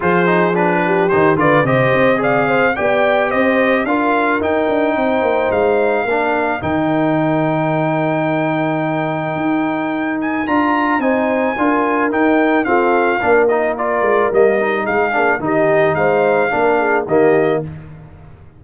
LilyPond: <<
  \new Staff \with { instrumentName = "trumpet" } { \time 4/4 \tempo 4 = 109 c''4 b'4 c''8 d''8 dis''4 | f''4 g''4 dis''4 f''4 | g''2 f''2 | g''1~ |
g''2~ g''8 gis''8 ais''4 | gis''2 g''4 f''4~ | f''8 dis''8 d''4 dis''4 f''4 | dis''4 f''2 dis''4 | }
  \new Staff \with { instrumentName = "horn" } { \time 4/4 gis'4. g'4 b'8 c''4 | d''8 c''8 d''4 c''4 ais'4~ | ais'4 c''2 ais'4~ | ais'1~ |
ais'1 | c''4 ais'2 a'4 | ais'2. gis'4 | g'4 c''4 ais'8 gis'8 g'4 | }
  \new Staff \with { instrumentName = "trombone" } { \time 4/4 f'8 dis'8 d'4 dis'8 f'8 g'4 | gis'4 g'2 f'4 | dis'2. d'4 | dis'1~ |
dis'2. f'4 | dis'4 f'4 dis'4 c'4 | d'8 dis'8 f'4 ais8 dis'4 d'8 | dis'2 d'4 ais4 | }
  \new Staff \with { instrumentName = "tuba" } { \time 4/4 f2 dis8 d8 c8 c'8~ | c'4 b4 c'4 d'4 | dis'8 d'8 c'8 ais8 gis4 ais4 | dis1~ |
dis4 dis'2 d'4 | c'4 d'4 dis'4 f'4 | ais4. gis8 g4 gis8 ais8 | dis4 gis4 ais4 dis4 | }
>>